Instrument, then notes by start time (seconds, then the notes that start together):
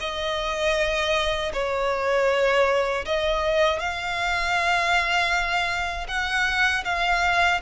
violin
0.00 D#5
1.53 C#5
3.05 D#5
3.79 F5
6.08 F#5
6.84 F5